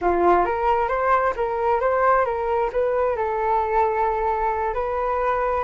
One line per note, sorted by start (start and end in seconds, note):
0.01 0.45 F4
0.45 0.88 A#4
0.88 1.33 C5
1.36 1.80 A#4
1.80 2.25 C5
2.25 2.70 A#4
2.72 3.16 B4
3.16 4.74 A4
4.74 5.63 B4